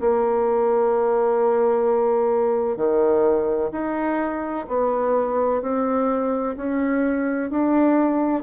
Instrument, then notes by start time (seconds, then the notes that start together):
bassoon
0.00 A#3
2.77 D#3
3.72 D#4
4.68 B3
5.62 C4
6.57 C#4
7.50 D4